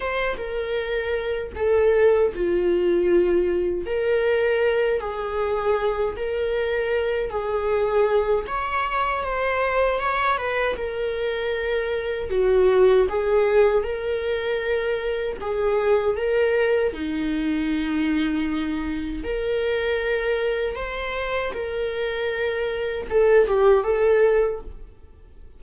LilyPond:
\new Staff \with { instrumentName = "viola" } { \time 4/4 \tempo 4 = 78 c''8 ais'4. a'4 f'4~ | f'4 ais'4. gis'4. | ais'4. gis'4. cis''4 | c''4 cis''8 b'8 ais'2 |
fis'4 gis'4 ais'2 | gis'4 ais'4 dis'2~ | dis'4 ais'2 c''4 | ais'2 a'8 g'8 a'4 | }